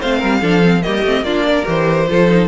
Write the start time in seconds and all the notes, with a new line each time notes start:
0.00 A3 C4 C5 F5
0.17 G3 A#4
0.40 F3 D4 A4
0.63 C4
0.82 G3 A#3 G4 D#5
1.03 A3 C4
1.21 A#3 D4 F4 D5
1.46 A#4
1.65 E3 G4 C5
2.08 F3 F4 A4
2.28 D#4